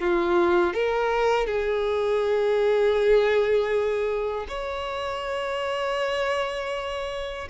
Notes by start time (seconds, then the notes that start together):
0.00 F4
0.74 A#4
1.47 G#4
4.49 C#5